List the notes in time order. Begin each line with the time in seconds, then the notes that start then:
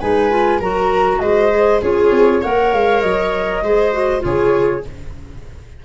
0.00 G#3 D#4 B4 G#5
0.30 F4
0.60 F#3 F#4 A#4 A#5
1.20 G#3 C5 D#5
1.50 G#4
1.82 C#4 F4 G#4 C#5
2.11 C4
2.42 A#3 A#4 C#5 F#5
2.73 G#3 F5
3.01 F#3 D#5
3.63 G#3 G#4 C5
3.93 F#4
4.20 C#3 F4 G#4 C#5